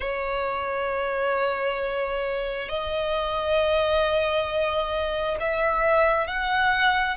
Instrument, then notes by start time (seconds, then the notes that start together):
violin
0.00 C#5
2.69 D#5
5.40 E5
6.27 F#5